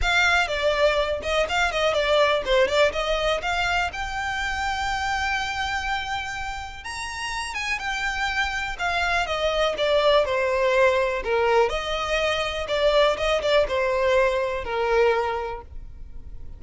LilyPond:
\new Staff \with { instrumentName = "violin" } { \time 4/4 \tempo 4 = 123 f''4 d''4. dis''8 f''8 dis''8 | d''4 c''8 d''8 dis''4 f''4 | g''1~ | g''2 ais''4. gis''8 |
g''2 f''4 dis''4 | d''4 c''2 ais'4 | dis''2 d''4 dis''8 d''8 | c''2 ais'2 | }